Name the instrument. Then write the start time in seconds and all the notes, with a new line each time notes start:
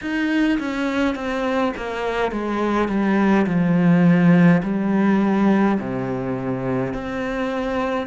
cello
0.01 D#4
0.59 C#4
1.15 C4
1.76 A#3
2.31 G#3
2.88 G3
3.46 F3
4.63 G3
5.80 C3
6.93 C4